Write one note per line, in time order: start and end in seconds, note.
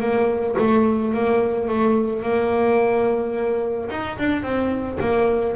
0.00 0.56 A#3
0.58 1.14 A3
1.14 1.68 A#3
1.68 2.23 A3
2.23 3.89 A#3
3.90 4.18 D#4
4.18 4.43 D4
4.43 4.98 C4
5.00 5.56 A#3